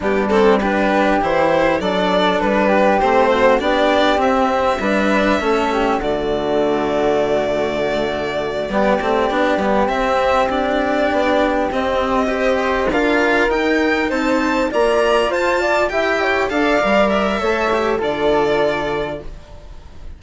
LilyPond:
<<
  \new Staff \with { instrumentName = "violin" } { \time 4/4 \tempo 4 = 100 g'8 a'8 b'4 c''4 d''4 | b'4 c''4 d''4 e''4~ | e''2 d''2~ | d''1~ |
d''8 e''4 d''2 dis''8~ | dis''4. f''4 g''4 a''8~ | a''8 ais''4 a''4 g''4 f''8~ | f''8 e''4. d''2 | }
  \new Staff \with { instrumentName = "flute" } { \time 4/4 d'4 g'2 a'4~ | a'8 g'4 fis'8 g'2 | b'4 a'8 g'8 fis'2~ | fis'2~ fis'8 g'4.~ |
g'1~ | g'8 c''4 ais'2 c''8~ | c''8 d''4 c''8 d''8 e''8 cis''8 d''8~ | d''4 cis''4 a'2 | }
  \new Staff \with { instrumentName = "cello" } { \time 4/4 b8 c'8 d'4 e'4 d'4~ | d'4 c'4 d'4 c'4 | d'4 cis'4 a2~ | a2~ a8 b8 c'8 d'8 |
b8 c'4 d'2 c'8~ | c'8 g'4 f'4 dis'4.~ | dis'8 f'2 g'4 a'8 | ais'4 a'8 g'8 f'2 | }
  \new Staff \with { instrumentName = "bassoon" } { \time 4/4 g2 e4 fis4 | g4 a4 b4 c'4 | g4 a4 d2~ | d2~ d8 g8 a8 b8 |
g8 c'2 b4 c'8~ | c'4. d'4 dis'4 c'8~ | c'8 ais4 f'4 e'4 d'8 | g4 a4 d2 | }
>>